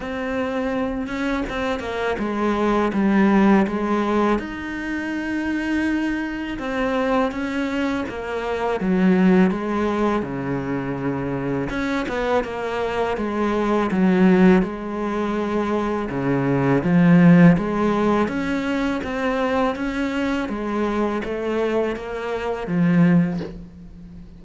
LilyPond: \new Staff \with { instrumentName = "cello" } { \time 4/4 \tempo 4 = 82 c'4. cis'8 c'8 ais8 gis4 | g4 gis4 dis'2~ | dis'4 c'4 cis'4 ais4 | fis4 gis4 cis2 |
cis'8 b8 ais4 gis4 fis4 | gis2 cis4 f4 | gis4 cis'4 c'4 cis'4 | gis4 a4 ais4 f4 | }